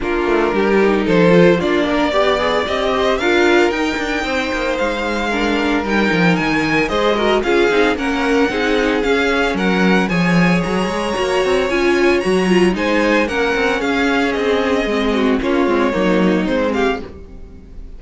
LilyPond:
<<
  \new Staff \with { instrumentName = "violin" } { \time 4/4 \tempo 4 = 113 ais'2 c''4 d''4~ | d''4 dis''4 f''4 g''4~ | g''4 f''2 g''4 | gis''4 dis''4 f''4 fis''4~ |
fis''4 f''4 fis''4 gis''4 | ais''2 gis''4 ais''4 | gis''4 fis''4 f''4 dis''4~ | dis''4 cis''2 c''8 f''8 | }
  \new Staff \with { instrumentName = "violin" } { \time 4/4 f'4 g'4 a'4 f'8 ais'8 | d''4. c''8 ais'2 | c''2 ais'2~ | ais'4 c''8 ais'8 gis'4 ais'4 |
gis'2 ais'4 cis''4~ | cis''1 | c''4 ais'4 gis'2~ | gis'8 fis'8 f'4 dis'4. g'8 | }
  \new Staff \with { instrumentName = "viola" } { \time 4/4 d'4. dis'4 f'8 d'4 | g'8 gis'8 g'4 f'4 dis'4~ | dis'2 d'4 dis'4~ | dis'4 gis'8 fis'8 f'8 dis'8 cis'4 |
dis'4 cis'2 gis'4~ | gis'4 fis'4 f'4 fis'8 f'8 | dis'4 cis'2. | c'4 cis'8 c'8 ais4 c'4 | }
  \new Staff \with { instrumentName = "cello" } { \time 4/4 ais8 a8 g4 f4 ais4 | b4 c'4 d'4 dis'8 d'8 | c'8 ais8 gis2 g8 f8 | dis4 gis4 cis'8 c'8 ais4 |
c'4 cis'4 fis4 f4 | fis8 gis8 ais8 c'8 cis'4 fis4 | gis4 ais8 c'8 cis'4 c'4 | gis4 ais8 gis8 fis4 gis4 | }
>>